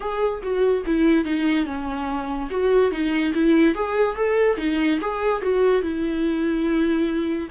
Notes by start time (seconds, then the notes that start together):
0.00 G#4
0.42 F#4
0.86 E4
1.24 D#4
1.65 C#4
2.50 F#4
2.91 D#4
3.33 E4
3.74 G#4
4.16 A4
4.57 D#4
5.01 G#4
5.42 F#4
5.81 E4